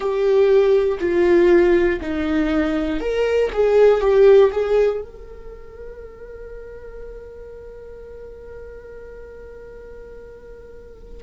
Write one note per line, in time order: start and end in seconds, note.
0.00 0.98 G4
1.00 2.00 F4
2.00 3.00 D#4
3.00 3.50 A#4
3.52 4.00 G#4
4.00 4.50 G4
4.51 5.01 G#4
5.01 11.23 A#4